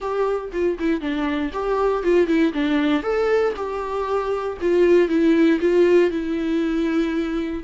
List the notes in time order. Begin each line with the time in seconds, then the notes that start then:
0.00 G4
0.52 F4
0.79 E4
1.00 D4
1.52 G4
2.03 F4
2.27 E4
2.53 D4
3.02 A4
3.56 G4
4.61 F4
5.08 E4
5.60 F4
6.10 E4